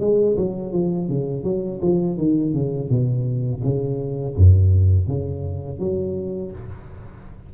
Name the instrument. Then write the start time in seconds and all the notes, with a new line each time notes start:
tuba
0.00 G#3
0.37 F#3
0.72 F3
1.08 C#3
1.44 F#3
1.82 F3
2.18 D#3
2.53 C#3
2.89 B2
3.63 C#3
4.36 F#2
5.08 C#3
5.79 F#3